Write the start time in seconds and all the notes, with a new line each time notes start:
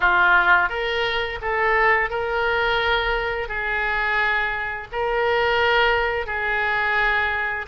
0.00 F4
0.69 A#4
1.41 A4
2.10 A#4
3.48 G#4
4.92 A#4
6.26 G#4